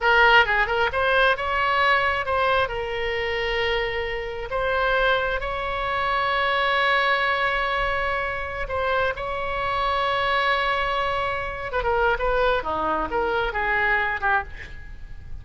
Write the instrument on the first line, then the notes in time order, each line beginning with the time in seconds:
oboe
0.00 A#4
0.45 G#4
0.66 A#4
0.92 C5
1.37 C#5
2.25 C5
2.68 A#4
4.50 C5
5.40 C#5
8.68 C5
9.16 C#5
11.72 B4
11.83 A#4
12.18 B4
12.63 D#4
13.10 A#4
13.52 G#4
14.20 G4